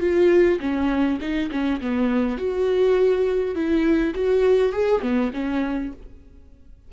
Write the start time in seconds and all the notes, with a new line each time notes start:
0.00 F4
0.60 C#4
1.21 D#4
1.51 C#4
1.81 B3
2.37 F#4
3.55 E4
4.14 F#4
4.72 G#4
5.02 B3
5.33 C#4